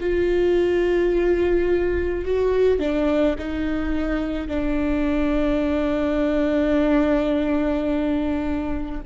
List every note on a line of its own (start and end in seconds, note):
0.00 2.25 F4
2.25 2.79 F#4
2.79 3.36 D4
3.39 4.48 D#4
4.48 9.01 D4